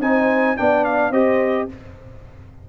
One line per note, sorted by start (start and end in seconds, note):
0.00 0.56 C4
0.00 0.57 D#4
0.00 0.57 C5
0.00 0.57 G#5
0.57 1.11 B3
0.57 1.13 D4
0.57 1.11 D5
0.57 0.85 G5
0.85 1.12 F5
1.11 1.67 C4
1.11 1.69 G4
1.11 1.67 C5
1.11 1.69 D#5